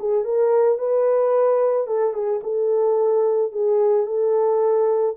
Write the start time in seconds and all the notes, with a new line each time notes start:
0.00 G#4
0.25 A#4
0.79 B4
1.87 A4
2.14 G#4
2.43 A4
3.52 G#4
4.07 A4